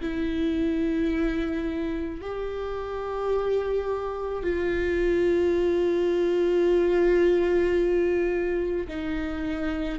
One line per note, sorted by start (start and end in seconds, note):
0.00 2.21 E4
2.21 4.43 G4
4.43 8.87 F4
8.87 9.98 D#4